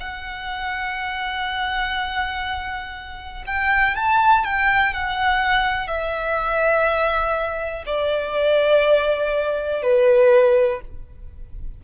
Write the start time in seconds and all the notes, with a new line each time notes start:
0.00 F#5
3.46 G5
3.96 A5
4.44 G5
4.94 F#5
5.87 E5
7.86 D5
9.82 B4